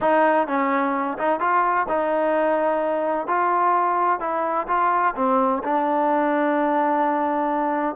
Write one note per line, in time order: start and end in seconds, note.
0.00 0.47 D#4
0.47 1.17 C#4
1.18 1.40 D#4
1.40 1.86 F4
1.88 3.27 D#4
3.27 4.20 F4
4.20 4.66 E4
4.67 5.14 F4
5.15 5.62 C4
5.63 7.95 D4